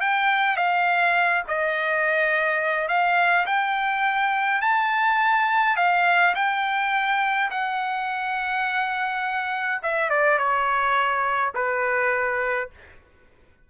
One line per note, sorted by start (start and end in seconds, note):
0.00 0.56 G5
0.56 1.43 F5
1.47 2.88 D#5
2.88 3.46 F5
3.46 4.61 G5
4.61 5.76 A5
5.76 6.34 F5
6.35 7.50 G5
7.50 9.81 F#5
9.82 10.09 E5
10.09 10.38 D5
10.38 11.53 C#5
11.54 12.69 B4